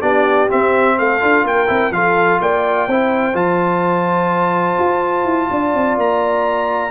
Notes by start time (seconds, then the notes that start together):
0.00 B3 D4 G4 D5
0.49 C4 E5
0.98 A3 A4 F5
1.20 D4 F4
1.44 A#3 A#4 G5
1.67 C4 E4
1.90 F3 F4 A4 F5
2.41 A#3 D5 G5
2.88 C4 E4 C5
3.34 F3 F4 A5
4.79 F4
5.25 E4
5.50 D4 D5
5.74 C4
5.97 A#3 A#5